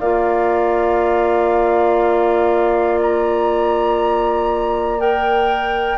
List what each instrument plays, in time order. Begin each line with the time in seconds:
0.00 bassoon A#3, clarinet F4, oboe D5, flute F5
3.02 flute A#5
5.00 clarinet A#4, flute G5